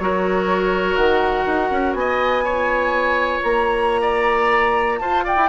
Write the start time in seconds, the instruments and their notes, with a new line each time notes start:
0.00 bassoon F#3, clarinet F#4, oboe A#4, flute C#5
0.96 bassoon D#3, flute F#5
1.46 bassoon D#4
1.71 bassoon C#4
1.94 bassoon B3, oboe D#5, flute G#5
2.45 clarinet F4, oboe C#5
3.44 bassoon A#3, flute A#5
4.02 oboe D5
4.99 bassoon F4, oboe C5, flute A5
5.25 oboe D5, flute G5
5.37 bassoon E4